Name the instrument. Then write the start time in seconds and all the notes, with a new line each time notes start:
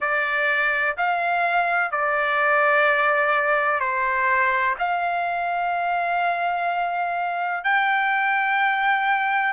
trumpet
0.00 D5
0.97 F5
1.91 D5
3.80 C5
4.78 F5
7.64 G5